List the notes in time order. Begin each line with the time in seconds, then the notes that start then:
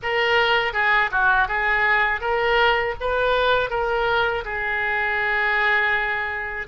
0.02 A#4
0.73 G#4
1.11 F#4
1.47 G#4
2.20 A#4
3.00 B4
3.69 A#4
4.44 G#4